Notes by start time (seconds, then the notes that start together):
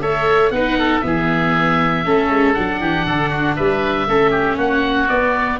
0.00 A3 A4 C#5 E5
0.50 B3 D#4 B4 F#5
0.78 A4
1.01 E3 B3 G#4 E5
2.04 A3 C#4 A4
2.30 G#3
2.53 F#3 D4 F#5
2.80 E3 G4
3.06 D3 A4
3.29 F#4
3.56 G3 B4 E5
4.07 A3 C#4 A4
4.30 G4
4.57 A#3 F#4 F#5
5.08 B3 D5